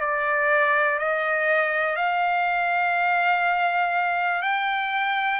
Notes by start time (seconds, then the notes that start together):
0.00 D5
0.98 D#5
1.96 F5
4.42 G5